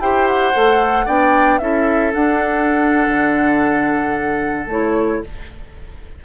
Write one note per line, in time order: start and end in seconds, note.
0.00 0.54 E4
0.00 0.54 G4
0.00 1.06 C5
0.00 0.28 G5
0.28 1.08 F#5
0.54 1.07 A3
0.54 1.07 A4
1.06 1.60 B3
1.06 1.61 D4
1.06 1.60 D5
1.06 1.59 G5
1.59 2.14 C#4
1.59 2.12 E4
1.59 5.25 A4
1.59 2.12 E5
2.12 4.67 D4
2.12 3.08 D4
2.12 4.68 F#5
3.08 4.67 D3
4.67 5.21 A3
4.67 5.24 E4
4.67 5.24 C#5